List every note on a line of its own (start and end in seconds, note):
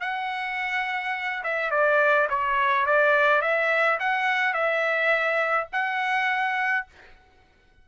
0.00 1.43 F#5
1.43 1.70 E5
1.70 2.28 D5
2.29 2.86 C#5
2.86 3.41 D5
3.41 3.98 E5
3.99 4.53 F#5
4.53 5.68 E5
5.72 6.86 F#5